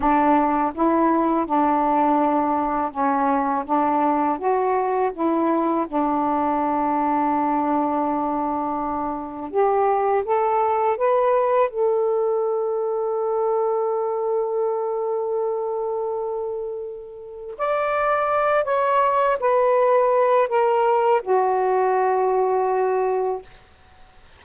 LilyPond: \new Staff \with { instrumentName = "saxophone" } { \time 4/4 \tempo 4 = 82 d'4 e'4 d'2 | cis'4 d'4 fis'4 e'4 | d'1~ | d'4 g'4 a'4 b'4 |
a'1~ | a'1 | d''4. cis''4 b'4. | ais'4 fis'2. | }